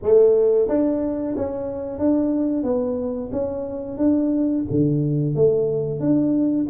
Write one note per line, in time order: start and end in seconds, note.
0.02 0.68 A3
0.68 1.35 D4
1.36 1.98 C#4
1.98 2.63 D4
2.63 3.29 B3
3.32 3.97 C#4
3.97 4.64 D4
4.70 5.35 D3
5.35 5.99 A3
5.99 6.66 D4